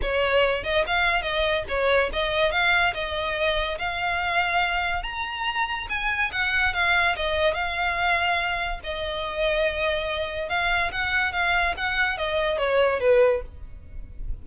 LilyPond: \new Staff \with { instrumentName = "violin" } { \time 4/4 \tempo 4 = 143 cis''4. dis''8 f''4 dis''4 | cis''4 dis''4 f''4 dis''4~ | dis''4 f''2. | ais''2 gis''4 fis''4 |
f''4 dis''4 f''2~ | f''4 dis''2.~ | dis''4 f''4 fis''4 f''4 | fis''4 dis''4 cis''4 b'4 | }